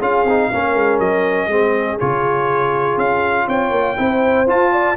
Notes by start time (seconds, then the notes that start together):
0.00 C#4 F4 G#4 F5
0.24 C4 D#4
0.50 A#3 C#4 A#4
0.75 G#3
0.99 F#3 D#5
1.47 G#3 C4 G#4
1.99 C#3 F4 C#5
2.97 C#4 F5
3.46 C4 C#5 G5
3.70 A#3
3.97 C4 E4 C5
4.47 F4 A5
4.72 D5